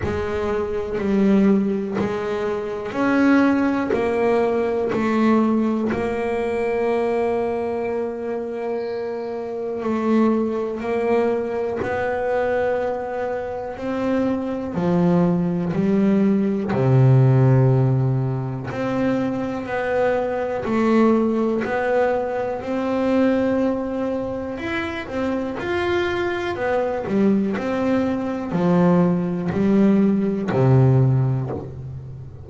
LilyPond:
\new Staff \with { instrumentName = "double bass" } { \time 4/4 \tempo 4 = 61 gis4 g4 gis4 cis'4 | ais4 a4 ais2~ | ais2 a4 ais4 | b2 c'4 f4 |
g4 c2 c'4 | b4 a4 b4 c'4~ | c'4 e'8 c'8 f'4 b8 g8 | c'4 f4 g4 c4 | }